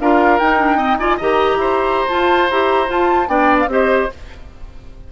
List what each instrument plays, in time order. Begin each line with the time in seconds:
0.00 bassoon D4, clarinet F4, oboe A#4, flute F5
0.39 clarinet D#4, bassoon D#4, flute G5
0.59 clarinet D4
0.77 clarinet C4, oboe D#5
0.98 clarinet F4, oboe D5, flute G#5
1.17 bassoon D#3, clarinet G4, oboe D#5, flute A#5
1.56 bassoon E4, oboe C5
2.08 clarinet F4, bassoon F4, flute A5
2.50 bassoon E4, clarinet G4, flute A#5
2.87 clarinet F4, bassoon F4, flute A5
3.28 bassoon B3, clarinet D4, oboe D5, flute G5
3.60 flute F5
3.67 bassoon C4, clarinet G4, oboe C5, flute D#5